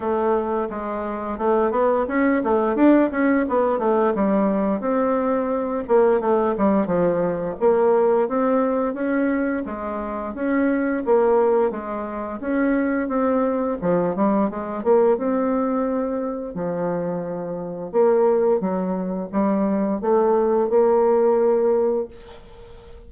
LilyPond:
\new Staff \with { instrumentName = "bassoon" } { \time 4/4 \tempo 4 = 87 a4 gis4 a8 b8 cis'8 a8 | d'8 cis'8 b8 a8 g4 c'4~ | c'8 ais8 a8 g8 f4 ais4 | c'4 cis'4 gis4 cis'4 |
ais4 gis4 cis'4 c'4 | f8 g8 gis8 ais8 c'2 | f2 ais4 fis4 | g4 a4 ais2 | }